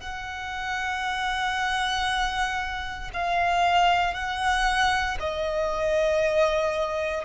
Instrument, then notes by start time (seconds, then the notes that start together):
violin
0.00 F#5
3.13 F5
4.13 F#5
5.19 D#5